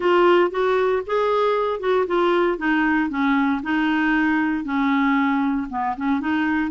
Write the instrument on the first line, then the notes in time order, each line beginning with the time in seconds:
clarinet
0.00 F4
0.50 F#4
1.06 G#4
1.80 F#4
2.06 F4
2.57 D#4
3.09 C#4
3.63 D#4
4.64 C#4
5.69 B3
5.96 C#4
6.20 D#4